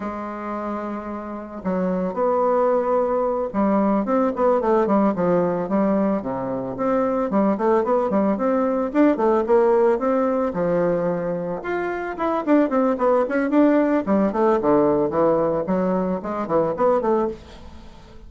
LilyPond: \new Staff \with { instrumentName = "bassoon" } { \time 4/4 \tempo 4 = 111 gis2. fis4 | b2~ b8 g4 c'8 | b8 a8 g8 f4 g4 c8~ | c8 c'4 g8 a8 b8 g8 c'8~ |
c'8 d'8 a8 ais4 c'4 f8~ | f4. f'4 e'8 d'8 c'8 | b8 cis'8 d'4 g8 a8 d4 | e4 fis4 gis8 e8 b8 a8 | }